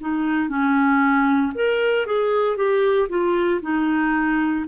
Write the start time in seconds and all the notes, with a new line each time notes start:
0.00 D#4
0.48 C#4
1.54 A#4
2.06 G#4
2.56 G4
3.08 F4
3.62 D#4